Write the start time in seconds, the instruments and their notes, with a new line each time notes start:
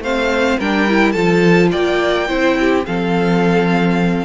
0.00 cello A3, viola C4, violin C5 F5
0.59 cello G3, viola D4, violin A#4 G5
0.89 viola E4
1.12 cello F3, viola F4, violin A4 A5
1.72 cello A#3, violin D5 G5
2.28 cello C4, viola E4, violin C5
2.60 violin G4
2.87 cello F3, viola C4, violin A4 F5